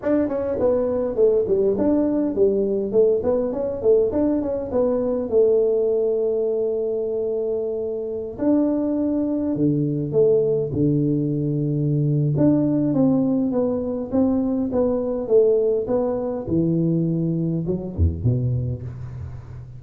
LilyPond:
\new Staff \with { instrumentName = "tuba" } { \time 4/4 \tempo 4 = 102 d'8 cis'8 b4 a8 g8 d'4 | g4 a8 b8 cis'8 a8 d'8 cis'8 | b4 a2.~ | a2~ a16 d'4.~ d'16~ |
d'16 d4 a4 d4.~ d16~ | d4 d'4 c'4 b4 | c'4 b4 a4 b4 | e2 fis8 e,8 b,4 | }